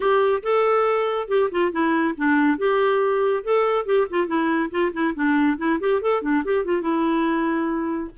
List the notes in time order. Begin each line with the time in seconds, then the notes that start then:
0.00 G4
0.42 A4
1.28 G4
1.51 F4
1.72 E4
2.17 D4
2.58 G4
3.43 A4
3.85 G4
4.09 F4
4.27 E4
4.70 F4
4.92 E4
5.14 D4
5.57 E4
5.80 G4
6.01 A4
6.21 D4
6.44 G4
6.64 F4
6.81 E4